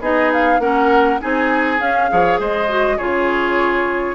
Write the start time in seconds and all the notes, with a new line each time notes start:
0.00 B3 D#4 G#4 D#5
0.33 F5
0.59 A#3 C#4 A#4 F#5
1.20 C4 D#4 G#4 G#5
1.78 C#4 F5
2.09 F3 G#4 C#5
2.39 G#3 C5 D#5
2.68 F#4
2.97 C#3 F4 G#4 C#5